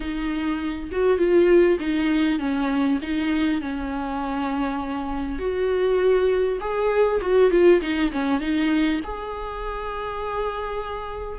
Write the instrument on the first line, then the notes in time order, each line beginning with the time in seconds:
viola
0.00 D#4
0.91 F#4
1.18 F4
1.79 D#4
2.39 C#4
3.02 D#4
3.61 C#4
5.38 F#4
6.60 G#4
7.21 F#4
7.51 F4
7.81 D#4
8.12 C#4
8.40 D#4
9.04 G#4